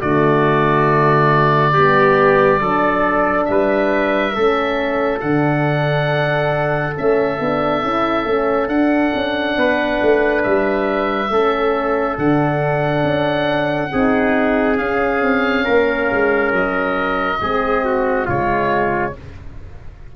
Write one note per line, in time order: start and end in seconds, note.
0.00 1.76 D3
0.00 1.74 A3
0.00 1.73 F#4
0.00 3.45 D5
1.73 2.60 G3
1.73 2.60 B3
1.73 2.60 G4
2.60 3.47 F#3
2.60 4.34 D4
2.60 3.47 A4
3.45 4.36 G3
3.45 4.35 B4
3.45 5.19 E5
4.34 5.22 A3
4.34 5.21 C#4
4.34 9.57 A4
5.20 6.96 D3
5.20 6.95 D4
5.20 6.94 F#5
6.95 7.39 A3
6.95 7.38 C#4
6.95 8.68 E5
7.39 7.82 B3
7.39 7.82 D4
7.82 8.25 C#4
7.82 8.26 E4
8.25 8.68 A3
8.25 8.69 C#4
8.68 9.11 D4
8.68 11.30 D4
8.68 10.42 F#5
9.14 9.57 C#4
9.57 10.00 B3
9.57 11.32 B4
10.01 10.45 A3
10.43 11.29 G3
10.43 12.16 E5
11.29 12.16 A3
11.29 12.18 C#4
11.29 13.91 A4
12.17 13.03 D3
12.17 13.91 D4
12.17 14.78 F#5
13.03 13.90 C#4
13.91 14.78 C4
13.91 14.78 D#4
13.91 15.64 G#4
14.78 15.21 C#4
14.78 17.39 C#4
14.78 16.51 F5
15.21 15.65 C4
15.64 16.11 A#3
15.64 17.38 A#4
16.11 16.52 G#3
16.52 17.39 F#3
16.52 18.28 D#5
17.40 18.27 G#3
17.40 18.28 C4
17.40 17.84 G#4
17.84 18.25 F#4
18.25 19.15 C#3
18.25 19.15 G#3
18.25 19.12 F4
18.25 19.14 C#5